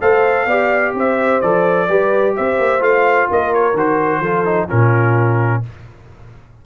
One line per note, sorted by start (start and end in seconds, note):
0.00 0.46 A3
0.00 0.48 A4
0.00 0.47 C5
0.00 0.95 F5
0.46 0.92 B3
0.46 1.43 G4
0.46 0.93 D5
0.93 1.40 C4
0.93 1.88 C5
0.93 1.41 E5
1.41 1.89 F3
1.41 1.88 A4
1.41 2.34 D5
1.88 2.35 G3
1.88 2.79 G4
1.88 2.35 B4
2.36 2.58 C4
2.36 3.29 C5
2.36 2.82 E5
2.58 2.81 A#3
2.79 3.27 A3
2.79 3.73 F4
2.79 3.29 F5
3.29 3.73 A#3
3.29 4.20 A#4
3.29 3.54 D#5
3.54 3.77 C#5
3.73 4.20 D#3
3.73 4.23 F#4
3.73 4.69 C5
4.20 4.67 F3
4.20 4.44 F4
4.20 4.67 A4
4.44 4.68 D#4
4.68 5.65 A#2
4.68 5.62 C#4
4.68 5.61 F4
4.68 5.63 A#4